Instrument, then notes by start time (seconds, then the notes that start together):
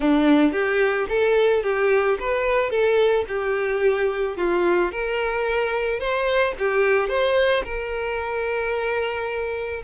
violin
0.00 D4
0.52 G4
1.08 A4
1.63 G4
2.19 B4
2.70 A4
3.28 G4
4.37 F4
4.91 A#4
5.99 C5
6.59 G4
7.08 C5
7.64 A#4